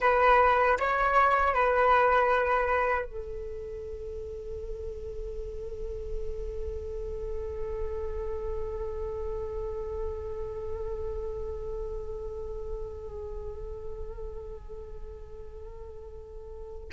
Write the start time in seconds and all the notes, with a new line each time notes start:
0.00 B4
0.79 C#5
1.54 B4
3.05 A4